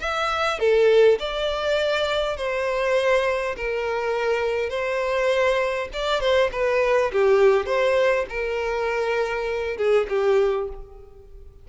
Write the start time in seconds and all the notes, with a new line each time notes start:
0.00 E5
0.59 A4
1.19 D5
2.37 C5
3.56 A#4
4.70 C5
5.93 D5
6.20 C5
6.52 B4
7.13 G4
7.66 C5
8.30 A#4
9.77 G#4
10.09 G4